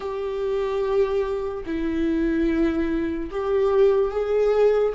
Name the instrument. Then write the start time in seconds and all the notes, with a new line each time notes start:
viola
0.00 G4
1.66 E4
3.30 G4
4.11 G#4